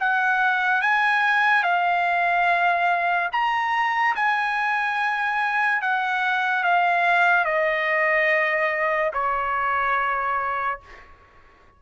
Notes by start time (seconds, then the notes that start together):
0.00 F#5
0.82 G#5
1.63 F5
3.32 A#5
4.16 G#5
5.82 F#5
6.64 F5
7.45 D#5
9.14 C#5